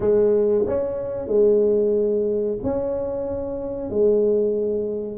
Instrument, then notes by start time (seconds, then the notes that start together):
tuba
0.00 G#3
0.66 C#4
1.27 G#3
2.63 C#4
3.90 G#3